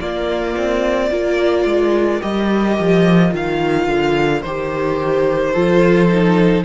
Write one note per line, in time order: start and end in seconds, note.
0.00 0.56 A#3
0.00 1.11 A#3
0.00 1.11 F4
0.00 2.22 D5
0.56 1.11 C4
1.11 1.65 A#3
1.11 2.21 F4
1.11 5.53 A#4
1.65 2.20 G#3
2.21 2.79 G3
2.21 3.30 G4
2.21 3.33 D#5
2.79 3.33 F3
3.30 3.87 D#3
3.30 4.41 F4
3.30 4.42 F5
3.87 4.43 D3
4.42 5.55 D#3
4.42 5.55 G4
4.42 6.64 C5
5.53 6.65 F3
5.53 6.09 F4
5.53 6.64 A4
6.09 6.64 D#4